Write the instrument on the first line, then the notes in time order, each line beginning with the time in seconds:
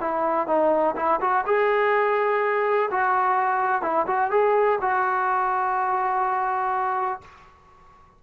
trombone
0.00 E4
0.47 D#4
0.96 E4
1.20 F#4
1.46 G#4
2.90 F#4
3.82 E4
4.07 F#4
4.30 G#4
4.81 F#4